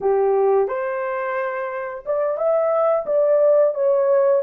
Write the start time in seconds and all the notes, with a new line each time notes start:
0.01 G4
0.68 C5
2.05 D5
2.37 E5
3.06 D5
3.74 C#5